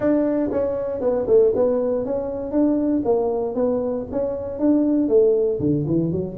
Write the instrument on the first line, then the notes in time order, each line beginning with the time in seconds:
tuba
0.00 D4
0.51 C#4
1.00 B3
1.27 A3
1.55 B3
2.05 C#4
2.51 D4
3.04 A#3
3.55 B3
4.11 C#4
4.59 D4
5.08 A3
5.59 D3
5.87 E3
6.11 F#3